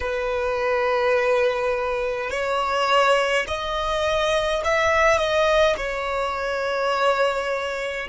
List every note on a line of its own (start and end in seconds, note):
0.00 2.30 B4
2.30 3.45 C#5
3.47 4.63 D#5
4.64 5.18 E5
5.18 5.75 D#5
5.76 8.07 C#5